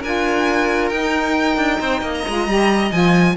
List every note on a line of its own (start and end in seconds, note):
0.00 0.91 D4
0.00 0.92 F4
0.00 1.78 A#4
0.00 0.89 G#5
0.89 1.57 D#4
0.89 2.27 D#4
0.89 2.11 G5
1.57 1.79 D4
1.80 2.01 C4
1.80 2.00 C5
2.00 2.24 A#3
2.00 3.33 D#5
2.14 2.92 A#5
2.28 2.46 G#3
2.28 2.48 F4
2.46 2.91 G3
2.46 2.92 G4
2.92 3.36 F3
2.92 3.36 F4
2.92 3.36 G#5